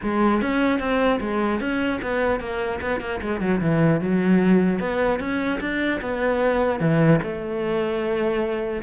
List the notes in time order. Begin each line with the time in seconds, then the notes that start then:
0.02 G#3
0.41 C#4
0.79 C4
1.20 G#3
1.60 C#4
2.02 B3
2.40 A#3
2.81 B3
3.00 A#3
3.21 G#3
3.40 F#3
3.60 E3
4.01 F#3
4.79 B3
5.19 C#4
5.60 D4
6.01 B3
6.80 E3
7.22 A3